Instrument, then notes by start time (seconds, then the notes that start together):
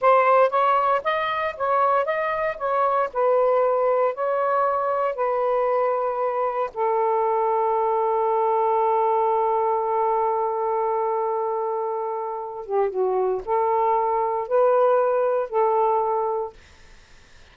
saxophone
0.01 C5
0.50 C#5
1.03 D#5
1.56 C#5
2.05 D#5
2.57 C#5
3.13 B4
4.14 C#5
5.15 B4
6.74 A4
12.65 G4
12.89 F#4
13.45 A4
14.47 B4
15.49 A4